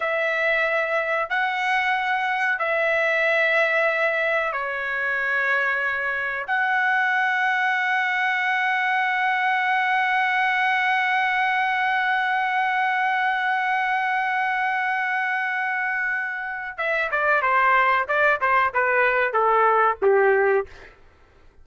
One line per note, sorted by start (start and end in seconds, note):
0.00 1.29 E5
1.29 2.58 F#5
2.58 4.52 E5
4.52 6.45 C#5
6.47 16.77 F#5
16.77 17.10 E5
17.11 17.42 D5
17.42 18.06 C5
18.08 18.40 D5
18.40 18.73 C5
18.73 19.33 B4
19.33 19.97 A4
20.01 20.66 G4